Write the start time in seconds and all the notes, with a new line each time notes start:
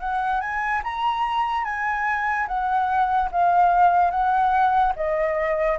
0.00 F#5
0.41 G#5
0.84 A#5
1.65 G#5
2.48 F#5
3.32 F5
4.11 F#5
4.97 D#5